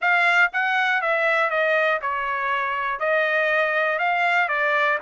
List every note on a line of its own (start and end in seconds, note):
0.01 0.51 F5
0.52 1.01 F#5
1.01 1.50 E5
1.50 2.00 D#5
2.01 2.99 C#5
2.99 3.98 D#5
3.98 4.48 F5
4.48 4.98 D5